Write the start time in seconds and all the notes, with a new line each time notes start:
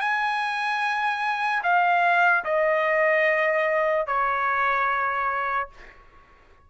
0.00 G#5
1.63 F5
2.44 D#5
4.07 C#5